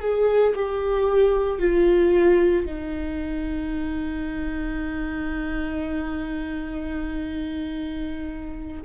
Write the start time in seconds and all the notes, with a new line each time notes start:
0.00 G#4
0.55 G4
1.59 F4
2.65 D#4